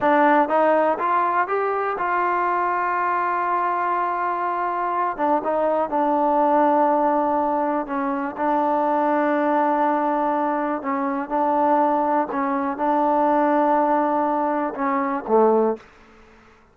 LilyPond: \new Staff \with { instrumentName = "trombone" } { \time 4/4 \tempo 4 = 122 d'4 dis'4 f'4 g'4 | f'1~ | f'2~ f'8 d'8 dis'4 | d'1 |
cis'4 d'2.~ | d'2 cis'4 d'4~ | d'4 cis'4 d'2~ | d'2 cis'4 a4 | }